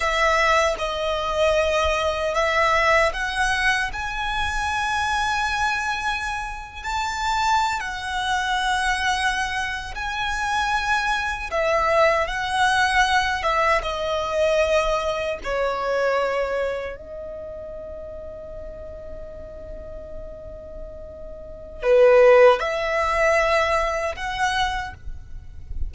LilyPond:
\new Staff \with { instrumentName = "violin" } { \time 4/4 \tempo 4 = 77 e''4 dis''2 e''4 | fis''4 gis''2.~ | gis''8. a''4~ a''16 fis''2~ | fis''8. gis''2 e''4 fis''16~ |
fis''4~ fis''16 e''8 dis''2 cis''16~ | cis''4.~ cis''16 dis''2~ dis''16~ | dis''1 | b'4 e''2 fis''4 | }